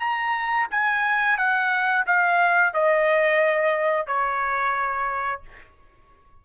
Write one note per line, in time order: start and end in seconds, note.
0.00 0.67 A#5
0.71 1.38 G#5
1.38 2.05 F#5
2.07 2.74 F5
2.74 4.07 D#5
4.07 5.42 C#5